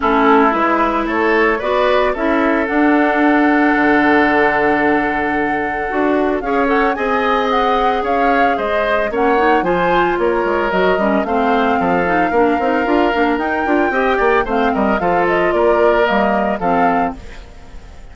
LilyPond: <<
  \new Staff \with { instrumentName = "flute" } { \time 4/4 \tempo 4 = 112 a'4 b'4 cis''4 d''4 | e''4 fis''2.~ | fis''1 | f''8 fis''8 gis''4 fis''4 f''4 |
dis''4 fis''4 gis''4 cis''4 | dis''4 f''2.~ | f''4 g''2 f''8 dis''8 | f''8 dis''8 d''4 dis''4 f''4 | }
  \new Staff \with { instrumentName = "oboe" } { \time 4/4 e'2 a'4 b'4 | a'1~ | a'1 | cis''4 dis''2 cis''4 |
c''4 cis''4 c''4 ais'4~ | ais'4 c''4 a'4 ais'4~ | ais'2 dis''8 d''8 c''8 ais'8 | a'4 ais'2 a'4 | }
  \new Staff \with { instrumentName = "clarinet" } { \time 4/4 cis'4 e'2 fis'4 | e'4 d'2.~ | d'2. fis'4 | gis'8 a'8 gis'2.~ |
gis'4 cis'8 dis'8 f'2 | fis'8 cis'8 c'4. dis'8 d'8 dis'8 | f'8 d'8 dis'8 f'8 g'4 c'4 | f'2 ais4 c'4 | }
  \new Staff \with { instrumentName = "bassoon" } { \time 4/4 a4 gis4 a4 b4 | cis'4 d'2 d4~ | d2. d'4 | cis'4 c'2 cis'4 |
gis4 ais4 f4 ais8 gis8 | fis8 g8 a4 f4 ais8 c'8 | d'8 ais8 dis'8 d'8 c'8 ais8 a8 g8 | f4 ais4 g4 f4 | }
>>